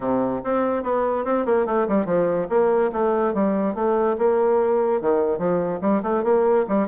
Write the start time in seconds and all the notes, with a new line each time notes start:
0.00 C3
0.44 C4
0.83 B3
1.24 C4
1.45 A#3
1.66 A3
1.88 G3
2.05 F3
2.49 A#3
2.92 A3
3.33 G3
3.74 A3
4.18 A#3
5.01 D#3
5.38 F3
5.81 G3
6.02 A3
6.23 A#3
6.68 G3